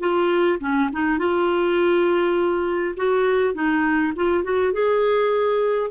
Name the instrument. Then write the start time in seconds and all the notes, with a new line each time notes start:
clarinet
0.00 F4
0.60 C#4
0.93 D#4
1.18 F4
2.97 F#4
3.54 D#4
4.16 F4
4.44 F#4
4.73 G#4